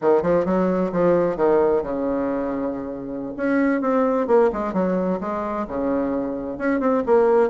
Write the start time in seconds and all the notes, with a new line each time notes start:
0.01 D#3
0.22 F3
0.45 F#3
0.91 F3
1.36 D#3
1.83 C#3
3.37 C#4
3.81 C4
4.27 A#3
4.52 G#3
4.73 F#3
5.20 G#3
5.67 C#3
6.57 C#4
6.80 C4
7.06 A#3